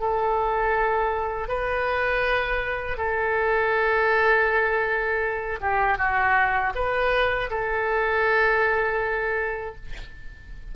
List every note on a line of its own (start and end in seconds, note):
0.00 1.48 A4
1.48 2.97 B4
2.97 5.60 A4
5.61 5.98 G4
5.98 6.73 F#4
6.75 7.50 B4
7.50 9.75 A4